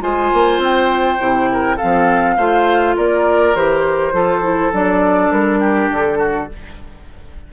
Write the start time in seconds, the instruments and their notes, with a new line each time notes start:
0.00 bassoon G#3, clarinet F4, oboe C5, flute G#5
0.33 bassoon A#3
0.58 bassoon C4, flute G5
1.19 bassoon C3, clarinet E4
1.52 oboe A#4
1.76 clarinet C4, oboe A4, flute F5
1.83 bassoon F3
2.36 bassoon A3, clarinet F4, oboe C5
2.96 bassoon A#3, oboe A#4, flute D5
3.55 bassoon E3, clarinet G4, flute C5
4.12 bassoon F3, clarinet F4, oboe A4
4.42 clarinet E4
4.72 bassoon F#3, clarinet D4, flute D5
5.31 bassoon G3, flute A#4
5.59 oboe G4
5.90 bassoon D3, flute A4
6.18 oboe F#4